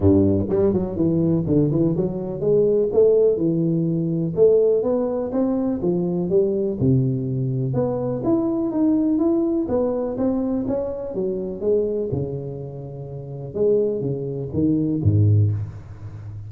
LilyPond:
\new Staff \with { instrumentName = "tuba" } { \time 4/4 \tempo 4 = 124 g,4 g8 fis8 e4 d8 e8 | fis4 gis4 a4 e4~ | e4 a4 b4 c'4 | f4 g4 c2 |
b4 e'4 dis'4 e'4 | b4 c'4 cis'4 fis4 | gis4 cis2. | gis4 cis4 dis4 gis,4 | }